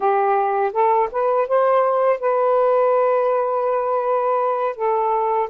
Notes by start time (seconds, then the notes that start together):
0.00 G4
0.72 A4
1.11 B4
1.47 C5
2.20 B4
4.76 A4